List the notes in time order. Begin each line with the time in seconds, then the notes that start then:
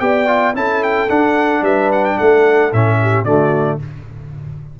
0.00 B3 G4 D5 G5
0.27 F4
0.55 C#4 E4 A4 A5
0.84 G5
1.10 D4 F#5
1.62 G3 B4 E5
1.92 F#5
2.05 G5
2.17 A3 A4 F#5
2.73 A2 C#4 E5
3.02 G4
3.25 D3 A3 F#4 D5